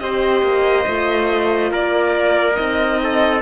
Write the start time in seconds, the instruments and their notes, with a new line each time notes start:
0.00 cello C4, horn G4, trumpet C5, violin D#5
0.42 cello A#3
0.87 cello A3, horn F4
1.72 cello A#3, trumpet A#4, violin D5
2.55 cello C4, horn D#4, violin D#5
3.03 trumpet A4